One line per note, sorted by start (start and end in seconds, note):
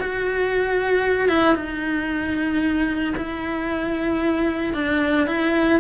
0.00 1.29 F#4
1.29 1.55 E4
1.55 3.14 D#4
3.17 4.74 E4
4.74 5.27 D4
5.27 5.80 E4